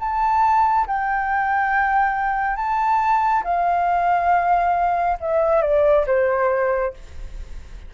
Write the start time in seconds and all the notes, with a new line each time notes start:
0.00 A5
0.88 G5
2.57 A5
3.45 F5
5.21 E5
5.62 D5
6.07 C5